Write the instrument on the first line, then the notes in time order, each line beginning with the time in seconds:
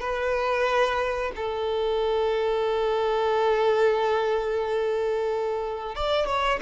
violin
0.00 B4
1.36 A4
5.96 D5
6.27 C#5